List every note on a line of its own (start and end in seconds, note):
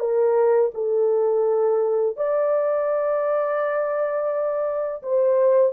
0.00 0.71 A#4
0.75 2.17 A4
2.17 5.03 D5
5.03 5.73 C5